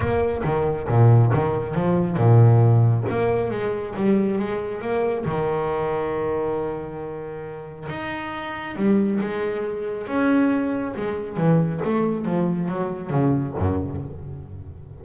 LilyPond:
\new Staff \with { instrumentName = "double bass" } { \time 4/4 \tempo 4 = 137 ais4 dis4 ais,4 dis4 | f4 ais,2 ais4 | gis4 g4 gis4 ais4 | dis1~ |
dis2 dis'2 | g4 gis2 cis'4~ | cis'4 gis4 e4 a4 | f4 fis4 cis4 fis,4 | }